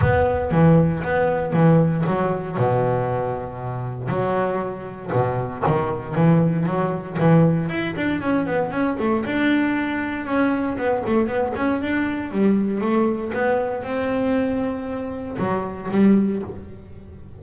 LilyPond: \new Staff \with { instrumentName = "double bass" } { \time 4/4 \tempo 4 = 117 b4 e4 b4 e4 | fis4 b,2. | fis2 b,4 dis4 | e4 fis4 e4 e'8 d'8 |
cis'8 b8 cis'8 a8 d'2 | cis'4 b8 a8 b8 cis'8 d'4 | g4 a4 b4 c'4~ | c'2 fis4 g4 | }